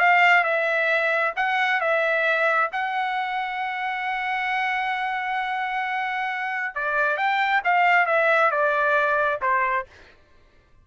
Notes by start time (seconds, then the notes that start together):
0.00 F5
0.44 E5
1.37 F#5
1.81 E5
2.73 F#5
6.76 D5
7.17 G5
7.65 F5
8.07 E5
8.52 D5
9.42 C5